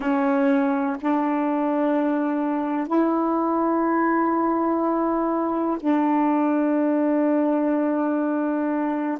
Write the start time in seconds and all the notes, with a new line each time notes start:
0.00 C#4
1.00 D4
2.87 E4
5.79 D4